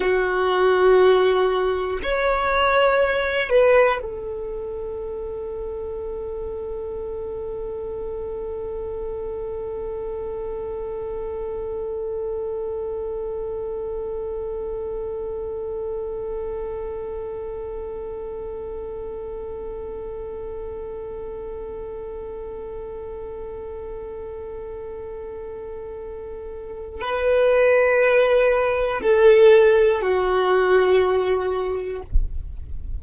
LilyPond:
\new Staff \with { instrumentName = "violin" } { \time 4/4 \tempo 4 = 60 fis'2 cis''4. b'8 | a'1~ | a'1~ | a'1~ |
a'1~ | a'1~ | a'2. b'4~ | b'4 a'4 fis'2 | }